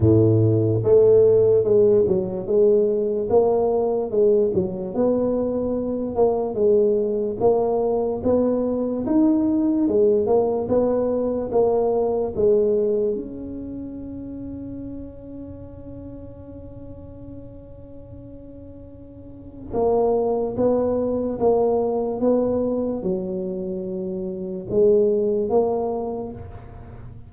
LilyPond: \new Staff \with { instrumentName = "tuba" } { \time 4/4 \tempo 4 = 73 a,4 a4 gis8 fis8 gis4 | ais4 gis8 fis8 b4. ais8 | gis4 ais4 b4 dis'4 | gis8 ais8 b4 ais4 gis4 |
cis'1~ | cis'1 | ais4 b4 ais4 b4 | fis2 gis4 ais4 | }